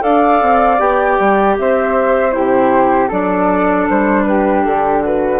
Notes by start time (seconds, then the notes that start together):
0.00 D4 A4 D5 F5
0.41 C4
0.78 B3 G4 G5
1.19 G3
1.58 C4 C5 E5
2.31 C3 E4 G4 C5
3.08 F#3 D4 A4 D5
3.89 G3 C5
4.23 G4 B4
4.64 D3 A4
5.02 F#4 B4